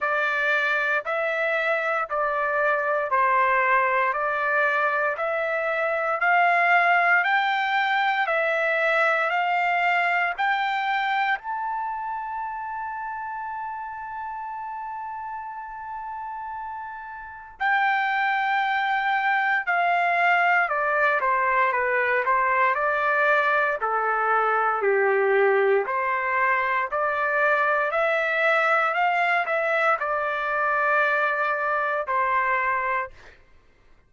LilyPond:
\new Staff \with { instrumentName = "trumpet" } { \time 4/4 \tempo 4 = 58 d''4 e''4 d''4 c''4 | d''4 e''4 f''4 g''4 | e''4 f''4 g''4 a''4~ | a''1~ |
a''4 g''2 f''4 | d''8 c''8 b'8 c''8 d''4 a'4 | g'4 c''4 d''4 e''4 | f''8 e''8 d''2 c''4 | }